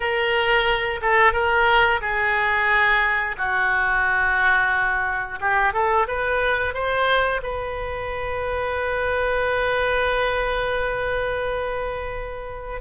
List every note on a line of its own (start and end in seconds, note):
0.00 1.00 A#4
1.01 1.32 A4
1.32 2.00 A#4
2.01 3.36 G#4
3.37 5.39 F#4
5.40 5.73 G4
5.73 6.06 A4
6.07 6.74 B4
6.74 7.41 C5
7.42 12.81 B4